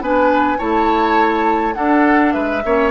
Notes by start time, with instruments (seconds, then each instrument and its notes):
0.00 bassoon B3, clarinet D4, oboe B4, flute G#5
0.58 bassoon A3, clarinet E4, oboe C#5, flute A5
1.74 clarinet D4, bassoon D4, oboe A4, flute F#5
2.32 bassoon G#3, oboe B4, flute E5
2.65 bassoon A#3, clarinet C#4, oboe C#5